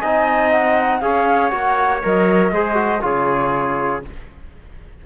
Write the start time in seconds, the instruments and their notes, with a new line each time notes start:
0.00 cello C4, trombone D#4, trumpet D#5, flute G#5
0.51 flute F#5
1.01 cello C#4, trombone G#4, trumpet C#5, flute F5
1.49 cello A#3, trombone F#4, flute F#5
2.03 cello F#3, trombone A#4, flute D#5
2.52 cello G#3, trombone G#4, trumpet C5
2.74 trombone F#4
3.02 cello C#3, trombone F4, trumpet G#4, flute C#5